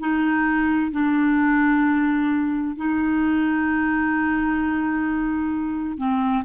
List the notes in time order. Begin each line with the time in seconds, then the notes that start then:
0.00 D#4
0.92 D4
2.77 D#4
5.98 C4